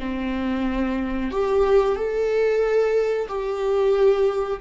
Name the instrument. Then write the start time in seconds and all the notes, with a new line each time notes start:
viola
0.00 C4
1.31 G4
1.96 A4
3.28 G4